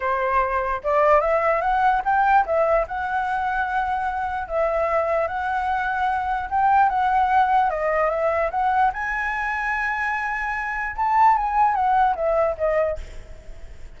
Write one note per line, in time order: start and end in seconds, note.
0.00 0.81 C5
0.83 1.21 D5
1.21 1.61 E5
1.61 2.02 F#5
2.04 2.45 G5
2.46 2.86 E5
2.87 4.48 F#5
4.48 5.27 E5
5.27 6.49 F#5
6.49 6.89 G5
6.89 7.70 F#5
7.70 8.10 D#5
8.10 8.50 E5
8.50 8.91 F#5
8.93 10.96 G#5
10.96 11.36 A5
11.36 11.74 G#5
11.74 12.15 F#5
12.15 12.56 E5
12.57 12.97 D#5